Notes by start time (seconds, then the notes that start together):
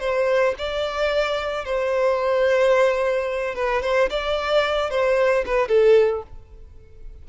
0.00 C5
0.58 D5
1.65 C5
3.55 B4
3.82 C5
4.10 D5
4.90 C5
5.46 B4
5.68 A4